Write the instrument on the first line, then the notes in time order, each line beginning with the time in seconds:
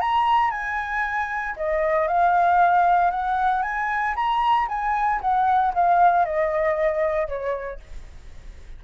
flute
0.00 A#5
0.51 G#5
1.56 D#5
2.07 F5
3.11 F#5
3.62 G#5
4.15 A#5
4.68 G#5
5.21 F#5
5.74 F5
6.25 D#5
7.27 C#5